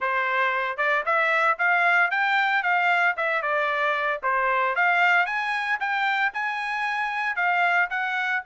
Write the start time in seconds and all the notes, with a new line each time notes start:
0.00 C5
0.77 D5
1.05 E5
1.58 F5
2.11 G5
2.62 F5
3.16 E5
3.42 D5
4.22 C5
4.75 F5
5.26 G#5
5.79 G5
6.33 G#5
7.36 F5
7.90 F#5